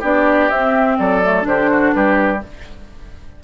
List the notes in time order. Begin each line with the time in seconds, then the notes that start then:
0.00 B3 D4 G4 D5
0.49 C4 E5
0.98 F#3 A4 D5
1.23 A3
1.42 D3 D4 C5
1.48 G4
1.70 F#4
1.93 G3 G4 B4